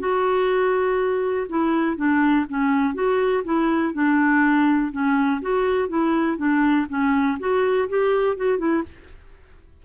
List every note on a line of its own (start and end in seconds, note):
0.00 1.48 F#4
1.50 1.97 E4
1.97 2.46 D4
2.49 2.95 C#4
2.95 3.44 F#4
3.45 3.94 E4
3.94 4.92 D4
4.92 5.41 C#4
5.42 5.89 F#4
5.89 6.38 E4
6.38 6.87 D4
6.90 7.39 C#4
7.40 7.89 F#4
7.90 8.37 G4
8.37 8.59 F#4
8.59 8.83 E4